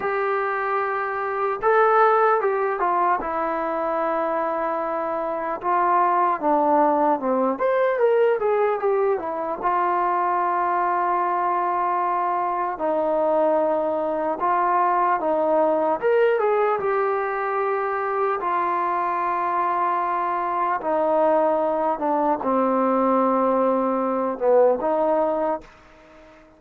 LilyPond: \new Staff \with { instrumentName = "trombone" } { \time 4/4 \tempo 4 = 75 g'2 a'4 g'8 f'8 | e'2. f'4 | d'4 c'8 c''8 ais'8 gis'8 g'8 e'8 | f'1 |
dis'2 f'4 dis'4 | ais'8 gis'8 g'2 f'4~ | f'2 dis'4. d'8 | c'2~ c'8 b8 dis'4 | }